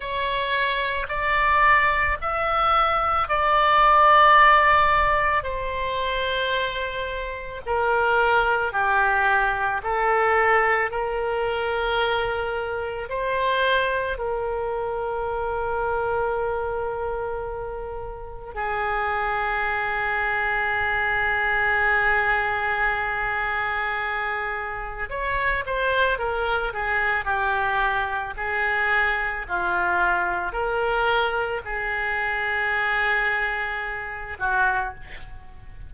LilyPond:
\new Staff \with { instrumentName = "oboe" } { \time 4/4 \tempo 4 = 55 cis''4 d''4 e''4 d''4~ | d''4 c''2 ais'4 | g'4 a'4 ais'2 | c''4 ais'2.~ |
ais'4 gis'2.~ | gis'2. cis''8 c''8 | ais'8 gis'8 g'4 gis'4 f'4 | ais'4 gis'2~ gis'8 fis'8 | }